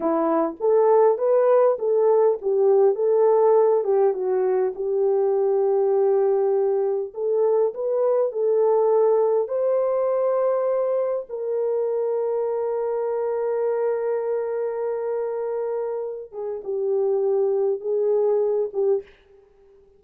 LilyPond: \new Staff \with { instrumentName = "horn" } { \time 4/4 \tempo 4 = 101 e'4 a'4 b'4 a'4 | g'4 a'4. g'8 fis'4 | g'1 | a'4 b'4 a'2 |
c''2. ais'4~ | ais'1~ | ais'2.~ ais'8 gis'8 | g'2 gis'4. g'8 | }